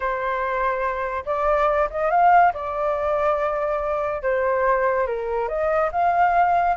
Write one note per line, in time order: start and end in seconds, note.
0.00 1.24 C5
1.25 1.89 D5
1.90 2.10 D#5
2.10 2.52 F5
2.53 4.22 D5
4.22 5.06 C5
5.06 5.48 A#4
5.48 5.90 D#5
5.92 6.76 F5